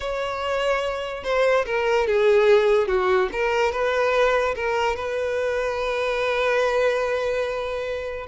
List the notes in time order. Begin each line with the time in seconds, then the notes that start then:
0.00 C#5
1.23 C5
1.65 A#4
2.07 G#4
2.87 F#4
3.32 A#4
3.72 B4
4.55 A#4
4.95 B4